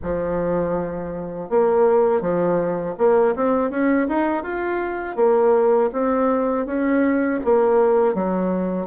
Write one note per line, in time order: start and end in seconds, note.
0.02 1.49 F3
1.49 2.21 A#3
2.21 2.95 F3
2.98 3.35 A#3
3.35 3.70 C4
3.70 4.07 C#4
4.08 4.43 D#4
4.43 5.16 F4
5.16 5.90 A#3
5.92 6.65 C4
6.65 7.39 C#4
7.44 8.14 A#3
8.14 8.86 F#3